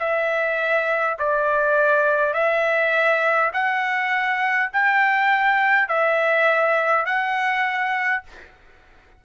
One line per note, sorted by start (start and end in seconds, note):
0.00 1.18 E5
1.19 2.34 D5
2.34 3.52 E5
3.53 4.71 F#5
4.73 5.89 G5
5.89 7.06 E5
7.06 8.24 F#5